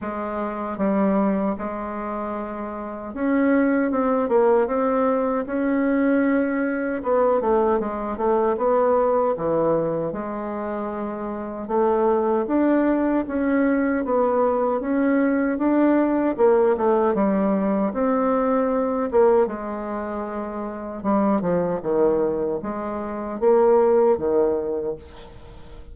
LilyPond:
\new Staff \with { instrumentName = "bassoon" } { \time 4/4 \tempo 4 = 77 gis4 g4 gis2 | cis'4 c'8 ais8 c'4 cis'4~ | cis'4 b8 a8 gis8 a8 b4 | e4 gis2 a4 |
d'4 cis'4 b4 cis'4 | d'4 ais8 a8 g4 c'4~ | c'8 ais8 gis2 g8 f8 | dis4 gis4 ais4 dis4 | }